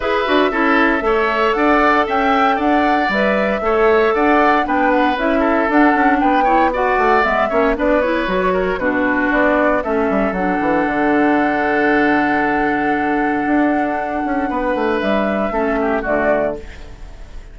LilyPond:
<<
  \new Staff \with { instrumentName = "flute" } { \time 4/4 \tempo 4 = 116 e''2. fis''4 | g''4 fis''4 e''2 | fis''4 g''8 fis''8 e''4 fis''4 | g''4 fis''4 e''4 d''8 cis''8~ |
cis''4 b'4 d''4 e''4 | fis''1~ | fis''1~ | fis''4 e''2 d''4 | }
  \new Staff \with { instrumentName = "oboe" } { \time 4/4 b'4 a'4 cis''4 d''4 | e''4 d''2 cis''4 | d''4 b'4. a'4. | b'8 cis''8 d''4. cis''8 b'4~ |
b'8 ais'8 fis'2 a'4~ | a'1~ | a'1 | b'2 a'8 g'8 fis'4 | }
  \new Staff \with { instrumentName = "clarinet" } { \time 4/4 gis'8 fis'8 e'4 a'2~ | a'2 b'4 a'4~ | a'4 d'4 e'4 d'4~ | d'8 e'8 fis'4 b8 cis'8 d'8 e'8 |
fis'4 d'2 cis'4 | d'1~ | d'1~ | d'2 cis'4 a4 | }
  \new Staff \with { instrumentName = "bassoon" } { \time 4/4 e'8 d'8 cis'4 a4 d'4 | cis'4 d'4 g4 a4 | d'4 b4 cis'4 d'8 cis'8 | b4. a8 gis8 ais8 b4 |
fis4 b,4 b4 a8 g8 | fis8 e8 d2.~ | d2 d'4. cis'8 | b8 a8 g4 a4 d4 | }
>>